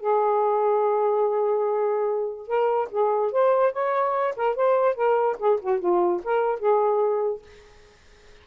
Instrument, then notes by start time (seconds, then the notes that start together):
saxophone
0.00 G#4
2.47 A#4
2.91 G#4
3.32 C5
3.72 C#5
4.36 A#4
4.55 C5
4.95 A#4
5.39 G#4
5.61 F#4
5.79 F4
6.24 A#4
6.59 G#4